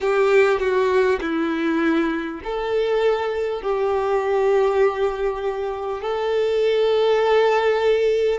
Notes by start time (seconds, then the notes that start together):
0.01 G4
0.59 F#4
1.21 E4
2.44 A4
3.62 G4
6.01 A4